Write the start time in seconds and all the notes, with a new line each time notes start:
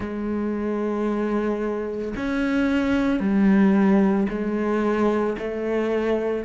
0.00 G#3
2.16 C#4
3.19 G3
4.29 G#3
5.38 A3